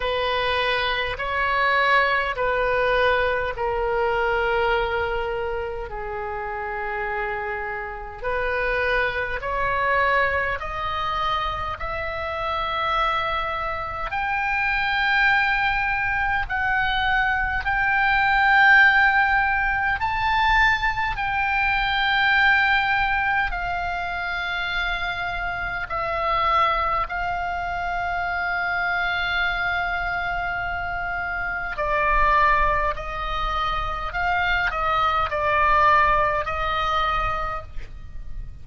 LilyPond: \new Staff \with { instrumentName = "oboe" } { \time 4/4 \tempo 4 = 51 b'4 cis''4 b'4 ais'4~ | ais'4 gis'2 b'4 | cis''4 dis''4 e''2 | g''2 fis''4 g''4~ |
g''4 a''4 g''2 | f''2 e''4 f''4~ | f''2. d''4 | dis''4 f''8 dis''8 d''4 dis''4 | }